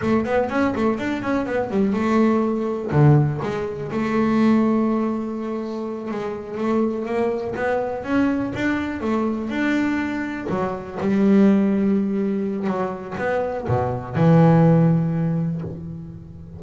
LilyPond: \new Staff \with { instrumentName = "double bass" } { \time 4/4 \tempo 4 = 123 a8 b8 cis'8 a8 d'8 cis'8 b8 g8 | a2 d4 gis4 | a1~ | a8 gis4 a4 ais4 b8~ |
b8 cis'4 d'4 a4 d'8~ | d'4. fis4 g4.~ | g2 fis4 b4 | b,4 e2. | }